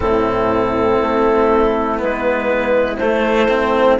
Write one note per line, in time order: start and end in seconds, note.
0.00 1.01 A2
0.00 1.97 C4
0.00 3.99 E4
0.00 1.99 A4
1.02 2.02 A3
1.97 2.98 G#3
1.97 2.97 B3
1.97 2.96 B4
2.96 3.98 A3
2.96 3.96 C5
3.02 3.48 A3
3.48 3.98 C4